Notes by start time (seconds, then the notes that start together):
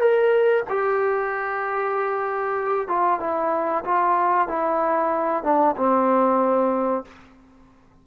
0.00 A#4
0.69 G4
2.88 F4
3.20 E4
3.84 F4
4.48 E4
5.44 D4
5.77 C4